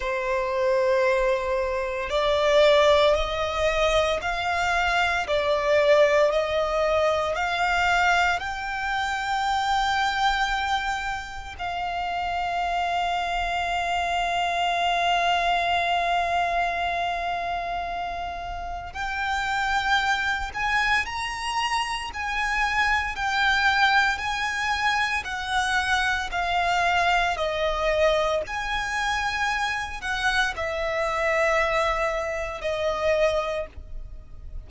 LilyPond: \new Staff \with { instrumentName = "violin" } { \time 4/4 \tempo 4 = 57 c''2 d''4 dis''4 | f''4 d''4 dis''4 f''4 | g''2. f''4~ | f''1~ |
f''2 g''4. gis''8 | ais''4 gis''4 g''4 gis''4 | fis''4 f''4 dis''4 gis''4~ | gis''8 fis''8 e''2 dis''4 | }